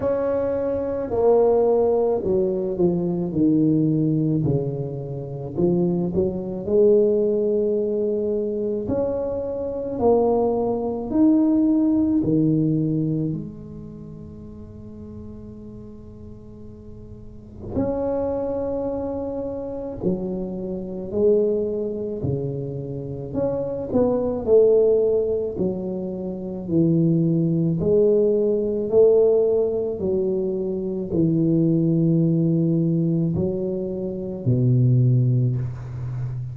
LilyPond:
\new Staff \with { instrumentName = "tuba" } { \time 4/4 \tempo 4 = 54 cis'4 ais4 fis8 f8 dis4 | cis4 f8 fis8 gis2 | cis'4 ais4 dis'4 dis4 | gis1 |
cis'2 fis4 gis4 | cis4 cis'8 b8 a4 fis4 | e4 gis4 a4 fis4 | e2 fis4 b,4 | }